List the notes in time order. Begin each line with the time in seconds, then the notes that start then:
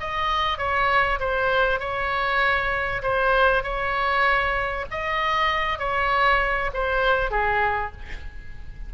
0.00 D#5
0.58 C#5
1.19 C5
1.79 C#5
3.02 C5
3.63 C#5
4.91 D#5
5.79 C#5
6.73 C5
7.31 G#4